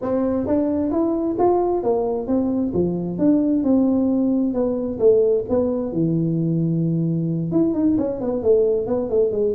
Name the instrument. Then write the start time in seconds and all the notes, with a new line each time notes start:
tuba
0.01 C4
0.46 D4
0.91 E4
1.39 F4
1.83 A#3
2.27 C4
2.73 F3
3.18 D4
3.63 C4
4.53 B3
4.99 A3
5.49 B3
5.92 E3
7.51 E4
7.74 D#4
7.98 C#4
8.20 B3
8.42 A3
8.86 B3
9.09 A3
9.31 G#3